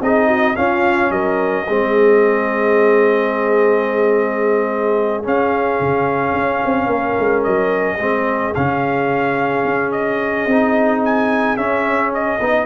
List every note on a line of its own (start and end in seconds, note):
0.00 0.55 C4
0.00 0.55 D#4
0.00 0.27 G#4
0.00 0.56 D#5
0.27 0.55 F#4
0.55 1.65 C#4
0.55 1.10 C#4
0.55 1.12 F4
0.55 1.11 F5
1.10 1.65 F#3
1.10 1.65 A#4
1.10 5.24 D#5
1.65 5.26 G#3
1.65 5.23 C4
1.65 6.88 G#4
5.23 7.98 C#4
5.23 5.80 C#4
5.23 7.43 F5
5.80 6.33 C#3
6.33 6.60 C#4
6.65 6.86 C4
6.86 7.13 A#3
6.86 7.96 A#4
7.19 7.46 G#3
7.43 7.98 F#3
7.43 8.53 D#5
7.96 8.53 G#3
7.96 8.54 C4
7.96 12.64 G#4
8.54 9.64 C#3
8.54 10.49 C#4
8.54 9.91 F5
9.64 10.46 C#4
9.91 11.01 D#5
10.46 11.56 C4
10.46 11.57 D#4
11.04 11.56 G#5
11.56 12.39 C#4
11.56 12.11 E5
12.14 12.65 D#5
12.40 12.65 B3
12.40 12.65 D#4